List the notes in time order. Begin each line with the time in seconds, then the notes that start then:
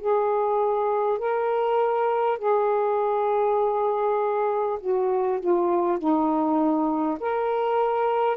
0.00 G#4
1.19 A#4
2.39 G#4
4.81 F#4
5.41 F4
5.99 D#4
7.21 A#4